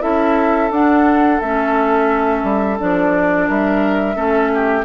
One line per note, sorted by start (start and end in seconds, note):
0.00 0.70 C#4
0.00 0.69 E4
0.00 3.47 A4
0.00 0.70 E5
0.70 1.39 D4
0.70 1.43 D4
0.70 1.40 F#5
1.40 2.43 A3
1.40 2.78 C#4
1.40 2.78 E5
2.43 2.78 G3
2.78 3.49 F3
2.78 4.15 D4
2.78 3.49 D5
3.47 4.16 G3
3.47 4.16 A#4
3.47 4.84 E5
4.15 4.84 A3
4.15 4.84 C#4
4.15 4.50 A4
4.54 4.84 G4